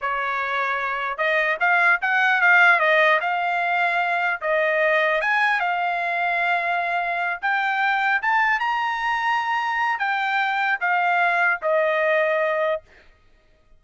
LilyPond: \new Staff \with { instrumentName = "trumpet" } { \time 4/4 \tempo 4 = 150 cis''2. dis''4 | f''4 fis''4 f''4 dis''4 | f''2. dis''4~ | dis''4 gis''4 f''2~ |
f''2~ f''8 g''4.~ | g''8 a''4 ais''2~ ais''8~ | ais''4 g''2 f''4~ | f''4 dis''2. | }